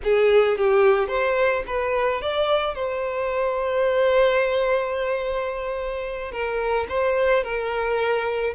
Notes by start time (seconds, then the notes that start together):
0.03 G#4
0.57 G4
1.08 C5
1.66 B4
2.21 D5
2.74 C5
6.31 A#4
6.88 C5
7.43 A#4